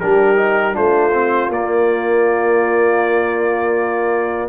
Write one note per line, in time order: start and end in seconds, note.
0.00 0.76 G3
0.00 0.36 D4
0.00 0.74 G4
0.00 0.75 A#4
0.36 0.73 D#4
0.73 1.49 A3
0.73 1.10 D4
0.73 4.49 F4
0.73 1.51 C5
1.13 1.51 C4
1.49 4.49 A#3
1.49 4.49 D5